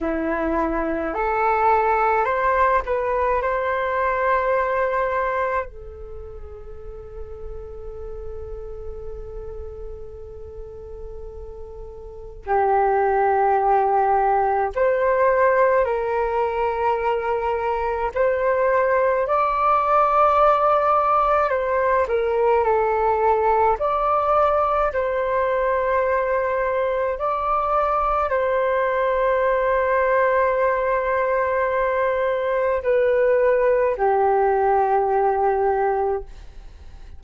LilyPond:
\new Staff \with { instrumentName = "flute" } { \time 4/4 \tempo 4 = 53 e'4 a'4 c''8 b'8 c''4~ | c''4 a'2.~ | a'2. g'4~ | g'4 c''4 ais'2 |
c''4 d''2 c''8 ais'8 | a'4 d''4 c''2 | d''4 c''2.~ | c''4 b'4 g'2 | }